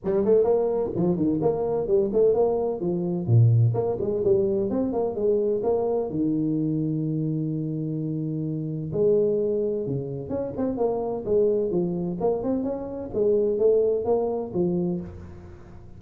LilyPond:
\new Staff \with { instrumentName = "tuba" } { \time 4/4 \tempo 4 = 128 g8 a8 ais4 f8 dis8 ais4 | g8 a8 ais4 f4 ais,4 | ais8 gis8 g4 c'8 ais8 gis4 | ais4 dis2.~ |
dis2. gis4~ | gis4 cis4 cis'8 c'8 ais4 | gis4 f4 ais8 c'8 cis'4 | gis4 a4 ais4 f4 | }